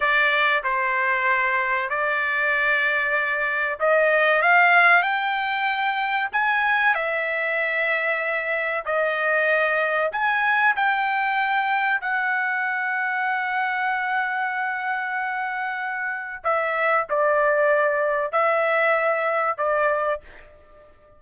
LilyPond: \new Staff \with { instrumentName = "trumpet" } { \time 4/4 \tempo 4 = 95 d''4 c''2 d''4~ | d''2 dis''4 f''4 | g''2 gis''4 e''4~ | e''2 dis''2 |
gis''4 g''2 fis''4~ | fis''1~ | fis''2 e''4 d''4~ | d''4 e''2 d''4 | }